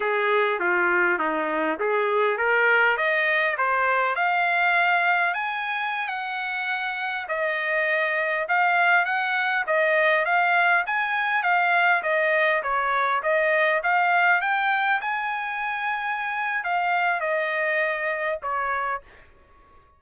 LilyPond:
\new Staff \with { instrumentName = "trumpet" } { \time 4/4 \tempo 4 = 101 gis'4 f'4 dis'4 gis'4 | ais'4 dis''4 c''4 f''4~ | f''4 gis''4~ gis''16 fis''4.~ fis''16~ | fis''16 dis''2 f''4 fis''8.~ |
fis''16 dis''4 f''4 gis''4 f''8.~ | f''16 dis''4 cis''4 dis''4 f''8.~ | f''16 g''4 gis''2~ gis''8. | f''4 dis''2 cis''4 | }